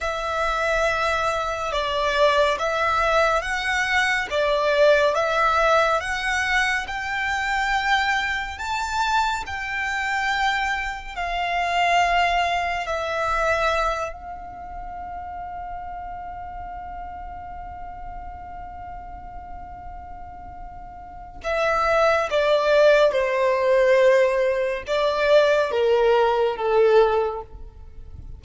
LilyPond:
\new Staff \with { instrumentName = "violin" } { \time 4/4 \tempo 4 = 70 e''2 d''4 e''4 | fis''4 d''4 e''4 fis''4 | g''2 a''4 g''4~ | g''4 f''2 e''4~ |
e''8 f''2.~ f''8~ | f''1~ | f''4 e''4 d''4 c''4~ | c''4 d''4 ais'4 a'4 | }